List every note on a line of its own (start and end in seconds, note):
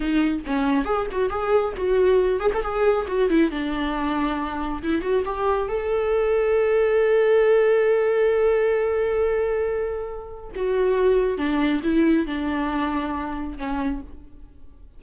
0.00 0.41 D#4
0.46 0.84 C#4
0.84 1.06 G#4
1.11 1.29 F#4
1.29 1.73 G#4
1.76 2.39 F#4
2.39 2.50 G#4
2.54 2.62 A4
2.62 3.06 G#4
3.07 3.29 F#4
3.29 3.50 E4
3.50 4.82 D4
4.83 5.01 E4
5.01 5.23 F#4
5.25 5.68 G4
5.68 10.50 A4
10.55 11.37 F#4
11.37 11.81 D4
11.83 12.26 E4
12.26 13.57 D4
13.57 14.01 C#4